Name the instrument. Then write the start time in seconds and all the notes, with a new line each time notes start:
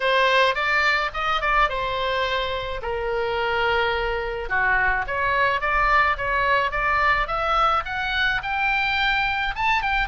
oboe
0.00 C5
0.54 D5
1.13 D#5
1.41 D5
1.69 C5
2.81 A#4
4.49 F#4
5.07 C#5
5.60 D5
6.17 C#5
6.71 D5
7.27 E5
7.85 F#5
8.42 G5
9.55 A5
9.82 G5